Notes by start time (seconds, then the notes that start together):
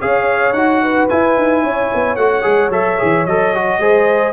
0.00 C#4 G#4 C#5 F5
0.53 D#4 F#4 F#5
0.82 B4
1.09 E4 G#5
1.37 D#4
1.63 C#4 C#5
1.94 B3
2.16 A3 F#4 F#5
2.42 G#3 G#4
2.69 F#3 A4 E5
2.98 E3 G#4
3.25 F#3 A4 D#5
3.54 F#4
3.79 G#3 G#4 C5